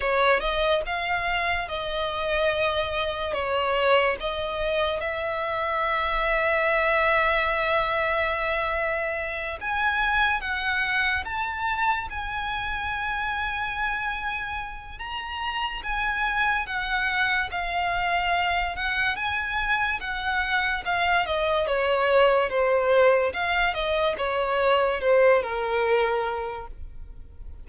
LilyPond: \new Staff \with { instrumentName = "violin" } { \time 4/4 \tempo 4 = 72 cis''8 dis''8 f''4 dis''2 | cis''4 dis''4 e''2~ | e''2.~ e''8 gis''8~ | gis''8 fis''4 a''4 gis''4.~ |
gis''2 ais''4 gis''4 | fis''4 f''4. fis''8 gis''4 | fis''4 f''8 dis''8 cis''4 c''4 | f''8 dis''8 cis''4 c''8 ais'4. | }